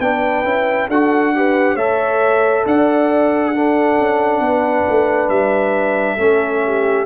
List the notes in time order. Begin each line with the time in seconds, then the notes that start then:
0.00 B3 D4 B4 G5
0.44 C#4 E4
0.88 D4 F#4 A4 F#5
1.35 G4 B4
1.74 A3 A4 C#5 E5
2.66 D4 D5 F#5
3.54 D4 A4
3.98 C#4
4.40 B3 B4
4.89 A3
5.29 G3 E5
6.16 A3 C#4 A4
6.65 G4